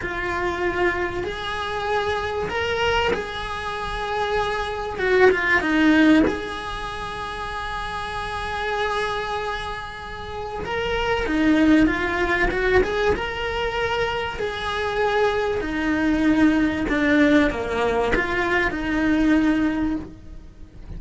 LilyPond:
\new Staff \with { instrumentName = "cello" } { \time 4/4 \tempo 4 = 96 f'2 gis'2 | ais'4 gis'2. | fis'8 f'8 dis'4 gis'2~ | gis'1~ |
gis'4 ais'4 dis'4 f'4 | fis'8 gis'8 ais'2 gis'4~ | gis'4 dis'2 d'4 | ais4 f'4 dis'2 | }